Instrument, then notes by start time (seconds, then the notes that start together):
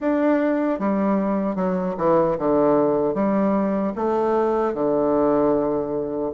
bassoon
0.00 D4
0.79 G3
1.55 F#3
1.97 E3
2.38 D3
3.14 G3
3.95 A3
4.74 D3